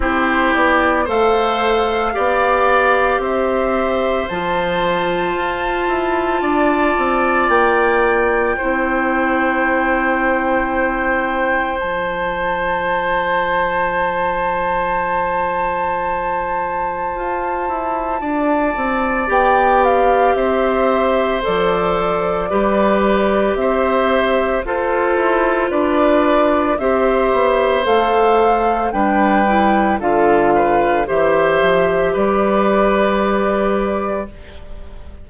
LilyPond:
<<
  \new Staff \with { instrumentName = "flute" } { \time 4/4 \tempo 4 = 56 c''8 d''8 f''2 e''4 | a''2. g''4~ | g''2. a''4~ | a''1~ |
a''2 g''8 f''8 e''4 | d''2 e''4 c''4 | d''4 e''4 f''4 g''4 | f''4 e''4 d''2 | }
  \new Staff \with { instrumentName = "oboe" } { \time 4/4 g'4 c''4 d''4 c''4~ | c''2 d''2 | c''1~ | c''1~ |
c''4 d''2 c''4~ | c''4 b'4 c''4 a'4 | b'4 c''2 b'4 | a'8 b'8 c''4 b'2 | }
  \new Staff \with { instrumentName = "clarinet" } { \time 4/4 e'4 a'4 g'2 | f'1 | e'2. f'4~ | f'1~ |
f'2 g'2 | a'4 g'2 f'4~ | f'4 g'4 a'4 d'8 e'8 | f'4 g'2. | }
  \new Staff \with { instrumentName = "bassoon" } { \time 4/4 c'8 b8 a4 b4 c'4 | f4 f'8 e'8 d'8 c'8 ais4 | c'2. f4~ | f1 |
f'8 e'8 d'8 c'8 b4 c'4 | f4 g4 c'4 f'8 e'8 | d'4 c'8 b8 a4 g4 | d4 e8 f8 g2 | }
>>